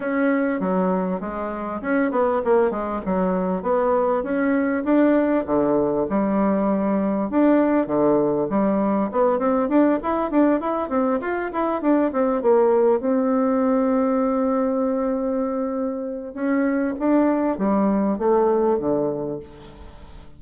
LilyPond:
\new Staff \with { instrumentName = "bassoon" } { \time 4/4 \tempo 4 = 99 cis'4 fis4 gis4 cis'8 b8 | ais8 gis8 fis4 b4 cis'4 | d'4 d4 g2 | d'4 d4 g4 b8 c'8 |
d'8 e'8 d'8 e'8 c'8 f'8 e'8 d'8 | c'8 ais4 c'2~ c'8~ | c'2. cis'4 | d'4 g4 a4 d4 | }